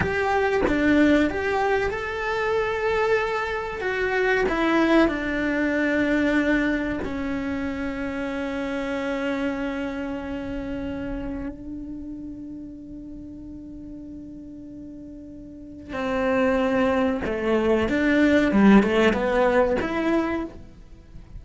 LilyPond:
\new Staff \with { instrumentName = "cello" } { \time 4/4 \tempo 4 = 94 g'4 d'4 g'4 a'4~ | a'2 fis'4 e'4 | d'2. cis'4~ | cis'1~ |
cis'2 d'2~ | d'1~ | d'4 c'2 a4 | d'4 g8 a8 b4 e'4 | }